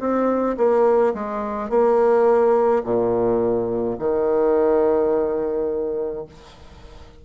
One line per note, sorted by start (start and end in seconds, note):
0.00 0.57 C4
0.57 1.14 A#3
1.14 1.70 G#3
1.70 2.83 A#3
2.84 3.97 A#2
3.99 6.25 D#3